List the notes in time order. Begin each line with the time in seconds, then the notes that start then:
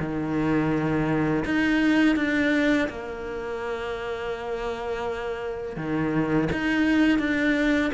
0.00 D#3
1.45 D#4
2.16 D4
2.89 A#3
5.77 D#3
6.52 D#4
7.19 D4